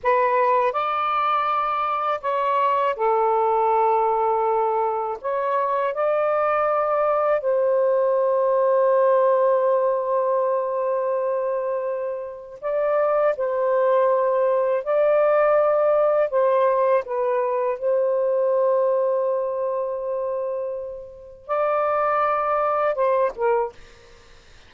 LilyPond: \new Staff \with { instrumentName = "saxophone" } { \time 4/4 \tempo 4 = 81 b'4 d''2 cis''4 | a'2. cis''4 | d''2 c''2~ | c''1~ |
c''4 d''4 c''2 | d''2 c''4 b'4 | c''1~ | c''4 d''2 c''8 ais'8 | }